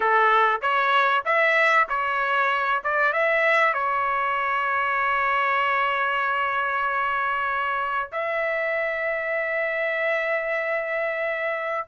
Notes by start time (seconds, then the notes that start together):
0.00 A4
0.61 C#5
1.25 E5
1.88 C#5
2.83 D5
3.12 E5
3.73 C#5
8.12 E5